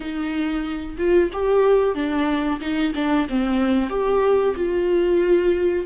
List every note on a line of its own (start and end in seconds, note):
0.00 0.96 D#4
0.98 1.30 F4
1.32 1.94 G4
1.94 2.60 D4
2.60 2.93 D#4
2.94 3.27 D4
3.29 3.89 C4
3.89 4.54 G4
4.55 5.85 F4